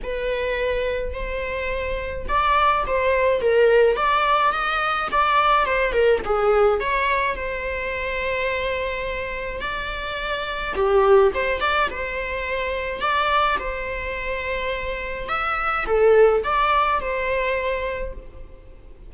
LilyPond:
\new Staff \with { instrumentName = "viola" } { \time 4/4 \tempo 4 = 106 b'2 c''2 | d''4 c''4 ais'4 d''4 | dis''4 d''4 c''8 ais'8 gis'4 | cis''4 c''2.~ |
c''4 d''2 g'4 | c''8 d''8 c''2 d''4 | c''2. e''4 | a'4 d''4 c''2 | }